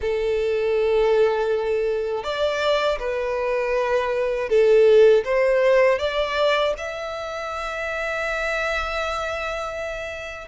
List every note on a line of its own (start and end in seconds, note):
0.01 2.23 A4
2.23 2.98 D5
2.99 4.49 B4
4.49 5.24 A4
5.24 5.99 C5
5.99 6.74 D5
6.77 10.48 E5